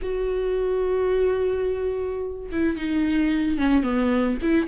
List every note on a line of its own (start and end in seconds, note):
0.02 2.49 F#4
2.51 2.76 E4
2.76 3.58 D#4
3.58 3.83 C#4
3.83 4.38 B3
4.42 4.67 E4